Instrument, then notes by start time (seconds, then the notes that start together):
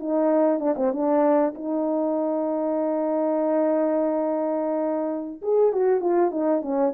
horn
0.00 D#4
0.60 D4
0.77 C4
0.92 D4
1.55 D#4
5.42 G#4
5.73 F#4
6.01 F4
6.31 D#4
6.62 C#4